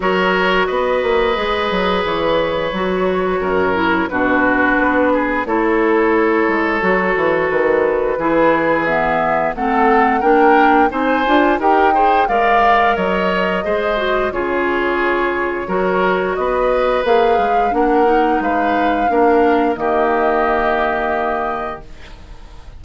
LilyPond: <<
  \new Staff \with { instrumentName = "flute" } { \time 4/4 \tempo 4 = 88 cis''4 dis''2 cis''4~ | cis''2 b'2 | cis''2. b'4~ | b'4 e''4 fis''4 g''4 |
gis''4 g''4 f''4 dis''4~ | dis''4 cis''2. | dis''4 f''4 fis''4 f''4~ | f''4 dis''2. | }
  \new Staff \with { instrumentName = "oboe" } { \time 4/4 ais'4 b'2.~ | b'4 ais'4 fis'4. gis'8 | a'1 | gis'2 a'4 ais'4 |
c''4 ais'8 c''8 d''4 cis''4 | c''4 gis'2 ais'4 | b'2 ais'4 b'4 | ais'4 g'2. | }
  \new Staff \with { instrumentName = "clarinet" } { \time 4/4 fis'2 gis'2 | fis'4. e'8 d'2 | e'2 fis'2 | e'4 b4 c'4 d'4 |
dis'8 f'8 g'8 gis'8 ais'2 | gis'8 fis'8 f'2 fis'4~ | fis'4 gis'4 d'8 dis'4. | d'4 ais2. | }
  \new Staff \with { instrumentName = "bassoon" } { \time 4/4 fis4 b8 ais8 gis8 fis8 e4 | fis4 fis,4 b,4 b4 | a4. gis8 fis8 e8 dis4 | e2 a4 ais4 |
c'8 d'8 dis'4 gis4 fis4 | gis4 cis2 fis4 | b4 ais8 gis8 ais4 gis4 | ais4 dis2. | }
>>